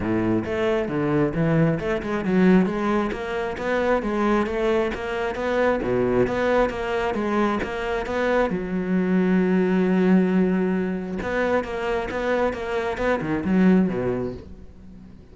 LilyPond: \new Staff \with { instrumentName = "cello" } { \time 4/4 \tempo 4 = 134 a,4 a4 d4 e4 | a8 gis8 fis4 gis4 ais4 | b4 gis4 a4 ais4 | b4 b,4 b4 ais4 |
gis4 ais4 b4 fis4~ | fis1~ | fis4 b4 ais4 b4 | ais4 b8 dis8 fis4 b,4 | }